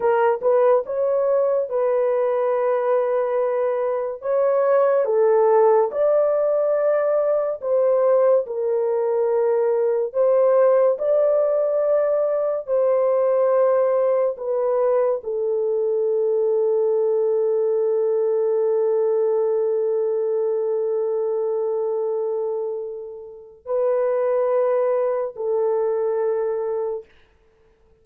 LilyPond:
\new Staff \with { instrumentName = "horn" } { \time 4/4 \tempo 4 = 71 ais'8 b'8 cis''4 b'2~ | b'4 cis''4 a'4 d''4~ | d''4 c''4 ais'2 | c''4 d''2 c''4~ |
c''4 b'4 a'2~ | a'1~ | a'1 | b'2 a'2 | }